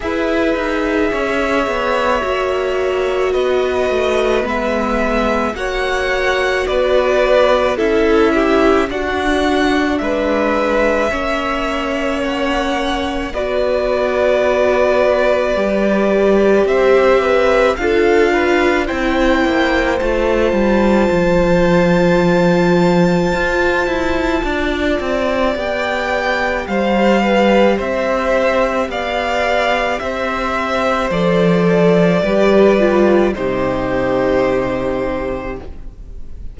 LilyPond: <<
  \new Staff \with { instrumentName = "violin" } { \time 4/4 \tempo 4 = 54 e''2. dis''4 | e''4 fis''4 d''4 e''4 | fis''4 e''2 fis''4 | d''2. e''4 |
f''4 g''4 a''2~ | a''2. g''4 | f''4 e''4 f''4 e''4 | d''2 c''2 | }
  \new Staff \with { instrumentName = "violin" } { \time 4/4 b'4 cis''2 b'4~ | b'4 cis''4 b'4 a'8 g'8 | fis'4 b'4 cis''2 | b'2. c''8 b'8 |
a'8 b'8 c''2.~ | c''2 d''2 | c''8 b'8 c''4 d''4 c''4~ | c''4 b'4 g'2 | }
  \new Staff \with { instrumentName = "viola" } { \time 4/4 gis'2 fis'2 | b4 fis'2 e'4 | d'2 cis'2 | fis'2 g'2 |
f'4 e'4 f'2~ | f'2. g'4~ | g'1 | a'4 g'8 f'8 dis'2 | }
  \new Staff \with { instrumentName = "cello" } { \time 4/4 e'8 dis'8 cis'8 b8 ais4 b8 a8 | gis4 ais4 b4 cis'4 | d'4 gis4 ais2 | b2 g4 c'4 |
d'4 c'8 ais8 a8 g8 f4~ | f4 f'8 e'8 d'8 c'8 b4 | g4 c'4 b4 c'4 | f4 g4 c2 | }
>>